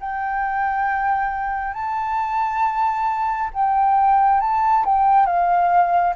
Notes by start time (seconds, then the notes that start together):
0.00 G5
1.74 A5
3.53 G5
4.40 A5
4.85 G5
5.26 F5